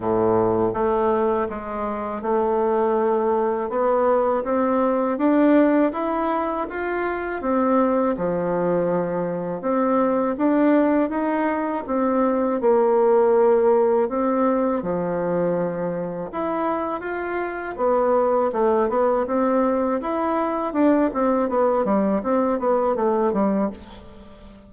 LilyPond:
\new Staff \with { instrumentName = "bassoon" } { \time 4/4 \tempo 4 = 81 a,4 a4 gis4 a4~ | a4 b4 c'4 d'4 | e'4 f'4 c'4 f4~ | f4 c'4 d'4 dis'4 |
c'4 ais2 c'4 | f2 e'4 f'4 | b4 a8 b8 c'4 e'4 | d'8 c'8 b8 g8 c'8 b8 a8 g8 | }